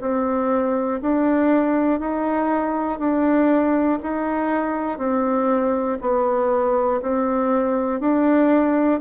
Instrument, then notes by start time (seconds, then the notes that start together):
bassoon
0.00 C4
1.01 D4
2.00 D#4
2.99 D4
4.02 D#4
4.98 C4
6.00 B3
7.02 C4
8.00 D4